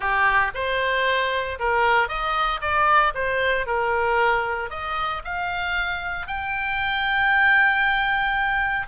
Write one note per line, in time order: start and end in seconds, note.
0.00 0.51 G4
0.54 1.58 C5
1.59 2.08 A#4
2.08 2.60 D#5
2.61 3.13 D5
3.14 3.66 C5
3.66 4.70 A#4
4.70 5.22 D#5
5.24 6.27 F5
6.27 8.87 G5